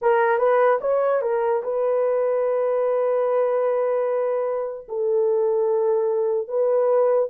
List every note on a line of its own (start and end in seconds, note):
0.01 0.38 A#4
0.38 0.79 B4
0.81 1.21 C#5
1.21 1.62 A#4
1.63 4.87 B4
4.88 6.48 A4
6.48 7.29 B4